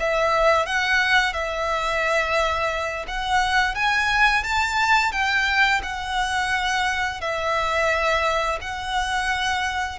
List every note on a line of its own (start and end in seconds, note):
0.00 0.66 E5
0.66 1.34 F#5
1.34 3.06 E5
3.08 3.75 F#5
3.75 4.44 G#5
4.44 5.13 A5
5.13 5.82 G5
5.83 7.21 F#5
7.21 8.59 E5
8.61 9.99 F#5